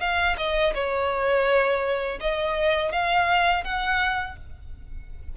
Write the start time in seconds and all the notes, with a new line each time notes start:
0.00 F5
0.37 D#5
0.74 C#5
2.20 D#5
2.92 F5
3.64 F#5